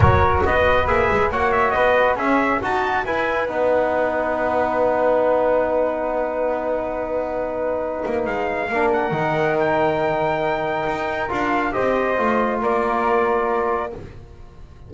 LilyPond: <<
  \new Staff \with { instrumentName = "trumpet" } { \time 4/4 \tempo 4 = 138 cis''4 dis''4 e''4 fis''8 e''8 | dis''4 e''4 a''4 gis''4 | fis''1~ | fis''1~ |
fis''2. f''4~ | f''8 fis''4. g''2~ | g''2 f''4 dis''4~ | dis''4 d''2. | }
  \new Staff \with { instrumentName = "flute" } { \time 4/4 ais'4 b'2 cis''4 | b'4 gis'4 fis'4 b'4~ | b'1~ | b'1~ |
b'1 | ais'1~ | ais'2. c''4~ | c''4 ais'2. | }
  \new Staff \with { instrumentName = "trombone" } { \time 4/4 fis'2 gis'4 fis'4~ | fis'4 cis'4 fis'4 e'4 | dis'1~ | dis'1~ |
dis'1 | d'4 dis'2.~ | dis'2 f'4 g'4 | f'1 | }
  \new Staff \with { instrumentName = "double bass" } { \time 4/4 fis4 b4 ais8 gis8 ais4 | b4 cis'4 dis'4 e'4 | b1~ | b1~ |
b2~ b8 ais8 gis4 | ais4 dis2.~ | dis4 dis'4 d'4 c'4 | a4 ais2. | }
>>